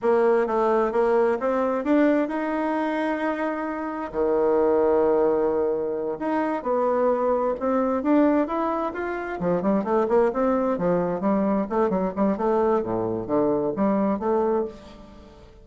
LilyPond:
\new Staff \with { instrumentName = "bassoon" } { \time 4/4 \tempo 4 = 131 ais4 a4 ais4 c'4 | d'4 dis'2.~ | dis'4 dis2.~ | dis4. dis'4 b4.~ |
b8 c'4 d'4 e'4 f'8~ | f'8 f8 g8 a8 ais8 c'4 f8~ | f8 g4 a8 fis8 g8 a4 | a,4 d4 g4 a4 | }